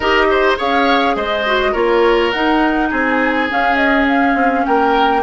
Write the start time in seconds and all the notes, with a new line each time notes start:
0.00 D#4 G4 A#4 D#5
0.30 C5
0.57 C#4 G#4 C#5 F5
1.15 G#3 C5 D#5
1.46 F#4
1.71 A#3 F4 A#4 C#5
2.31 D#4 F#5
2.90 C4 G#4 G#5
3.49 C#4 F5
3.76 D#5
4.08 F5
4.34 C4
4.65 A#3 A#4 G5